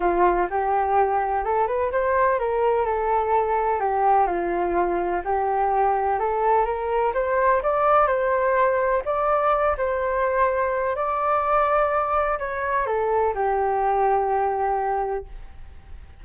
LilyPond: \new Staff \with { instrumentName = "flute" } { \time 4/4 \tempo 4 = 126 f'4 g'2 a'8 b'8 | c''4 ais'4 a'2 | g'4 f'2 g'4~ | g'4 a'4 ais'4 c''4 |
d''4 c''2 d''4~ | d''8 c''2~ c''8 d''4~ | d''2 cis''4 a'4 | g'1 | }